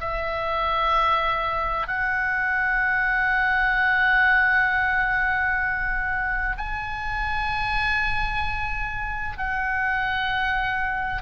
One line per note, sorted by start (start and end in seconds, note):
0.00 1.87 E5
1.87 6.56 F#5
6.58 9.37 G#5
9.37 11.22 F#5